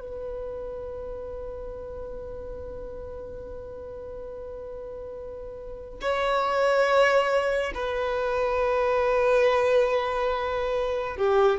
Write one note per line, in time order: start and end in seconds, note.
0.00 6.00 B4
6.01 7.73 C#5
7.74 11.17 B4
11.17 11.59 G4